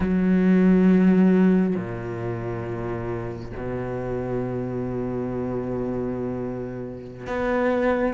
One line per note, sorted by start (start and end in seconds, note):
0.00 1.75 F#3
1.75 3.52 A#2
3.56 7.26 B2
7.26 8.13 B3